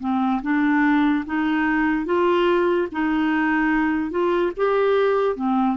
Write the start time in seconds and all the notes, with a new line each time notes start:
0.00 C4
0.42 D4
1.26 D#4
2.05 F4
2.91 D#4
4.10 F4
4.56 G4
5.35 C4